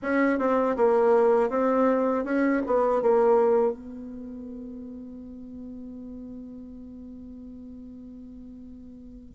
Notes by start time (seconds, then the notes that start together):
0.02 C#4
0.38 C4
0.76 A#3
1.49 C4
2.24 C#4
2.66 B3
3.02 A#3
3.72 B3